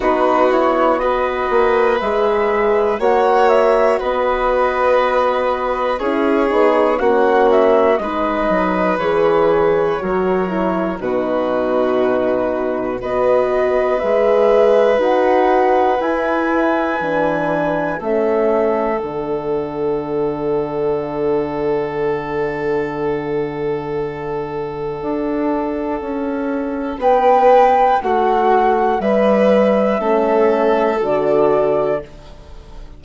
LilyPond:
<<
  \new Staff \with { instrumentName = "flute" } { \time 4/4 \tempo 4 = 60 b'8 cis''8 dis''4 e''4 fis''8 e''8 | dis''2 cis''4 fis''8 e''8 | dis''4 cis''2 b'4~ | b'4 dis''4 e''4 fis''4 |
gis''2 e''4 fis''4~ | fis''1~ | fis''2. g''4 | fis''4 e''2 d''4 | }
  \new Staff \with { instrumentName = "violin" } { \time 4/4 fis'4 b'2 cis''4 | b'2 gis'4 fis'4 | b'2 ais'4 fis'4~ | fis'4 b'2.~ |
b'2 a'2~ | a'1~ | a'2. b'4 | fis'4 b'4 a'2 | }
  \new Staff \with { instrumentName = "horn" } { \time 4/4 dis'8 e'8 fis'4 gis'4 fis'4~ | fis'2 e'8 dis'8 cis'4 | dis'4 gis'4 fis'8 e'8 dis'4~ | dis'4 fis'4 gis'4 fis'4 |
e'4 d'4 cis'4 d'4~ | d'1~ | d'1~ | d'2 cis'4 fis'4 | }
  \new Staff \with { instrumentName = "bassoon" } { \time 4/4 b4. ais8 gis4 ais4 | b2 cis'8 b8 ais4 | gis8 fis8 e4 fis4 b,4~ | b,4 b4 gis4 dis'4 |
e'4 e4 a4 d4~ | d1~ | d4 d'4 cis'4 b4 | a4 g4 a4 d4 | }
>>